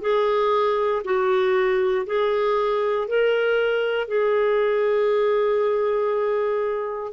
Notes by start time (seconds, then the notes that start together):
0.00 G#4
1.04 F#4
2.06 G#4
3.07 A#4
4.07 G#4